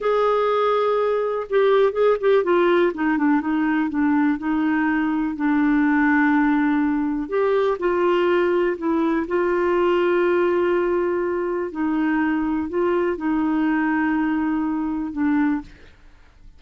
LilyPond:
\new Staff \with { instrumentName = "clarinet" } { \time 4/4 \tempo 4 = 123 gis'2. g'4 | gis'8 g'8 f'4 dis'8 d'8 dis'4 | d'4 dis'2 d'4~ | d'2. g'4 |
f'2 e'4 f'4~ | f'1 | dis'2 f'4 dis'4~ | dis'2. d'4 | }